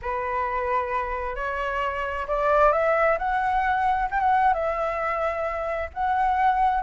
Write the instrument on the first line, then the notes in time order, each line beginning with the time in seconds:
flute
0.01 B4
1.35 C#5
2.27 D5
2.72 E5
3.18 F#5
4.11 G5
4.20 F#5
4.53 E5
5.93 F#5